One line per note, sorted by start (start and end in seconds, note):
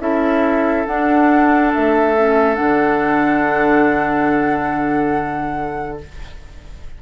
0.00 0.86 C#4
0.00 0.86 E4
0.00 6.02 A4
0.00 0.87 E5
0.87 2.16 D4
0.87 1.74 D4
0.87 1.72 F#5
1.74 2.59 A3
1.74 2.56 E5
2.16 2.56 C#4
2.56 6.02 D3
2.56 5.98 D4
2.56 5.99 F#5